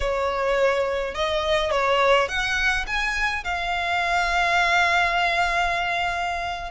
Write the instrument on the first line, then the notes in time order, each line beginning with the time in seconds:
violin
0.00 C#5
1.14 D#5
1.71 C#5
2.28 F#5
2.86 G#5
3.44 F5